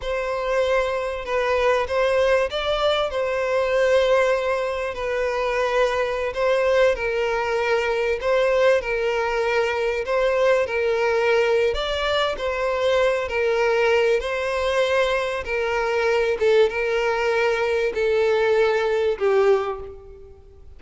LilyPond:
\new Staff \with { instrumentName = "violin" } { \time 4/4 \tempo 4 = 97 c''2 b'4 c''4 | d''4 c''2. | b'2~ b'16 c''4 ais'8.~ | ais'4~ ais'16 c''4 ais'4.~ ais'16~ |
ais'16 c''4 ais'4.~ ais'16 d''4 | c''4. ais'4. c''4~ | c''4 ais'4. a'8 ais'4~ | ais'4 a'2 g'4 | }